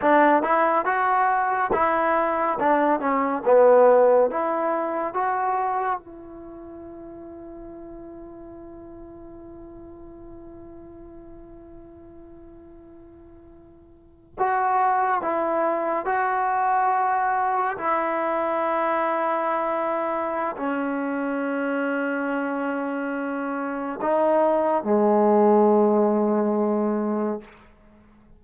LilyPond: \new Staff \with { instrumentName = "trombone" } { \time 4/4 \tempo 4 = 70 d'8 e'8 fis'4 e'4 d'8 cis'8 | b4 e'4 fis'4 e'4~ | e'1~ | e'1~ |
e'8. fis'4 e'4 fis'4~ fis'16~ | fis'8. e'2.~ e'16 | cis'1 | dis'4 gis2. | }